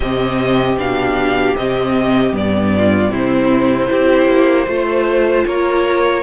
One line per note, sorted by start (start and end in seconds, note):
0.00 0.76 C3
0.00 0.75 C4
0.00 2.70 G4
0.00 0.78 D#5
0.76 1.54 B2
0.76 1.56 D4
0.76 1.56 F5
1.56 2.32 C3
1.56 2.32 C4
1.56 2.33 D#5
2.32 3.09 G2
2.32 3.10 B3
2.32 3.13 D5
2.76 3.11 F4
3.09 3.87 C3
3.09 3.88 C4
3.09 3.89 E4
3.09 5.46 C5
3.88 4.27 C4
3.88 4.66 E4
3.88 4.68 G4
4.27 4.66 A#3
4.66 5.44 A3
4.66 6.22 F4
4.66 5.45 C5
5.45 6.22 A#3
5.45 6.22 A#4
5.45 6.22 C#5